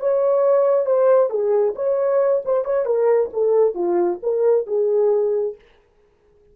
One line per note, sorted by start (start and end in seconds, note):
0.00 0.86 C#5
0.86 1.30 C5
1.30 1.74 G#4
1.76 2.42 C#5
2.45 2.65 C5
2.65 2.86 C#5
2.86 3.30 A#4
3.33 3.75 A4
3.75 4.19 F4
4.23 4.67 A#4
4.67 5.56 G#4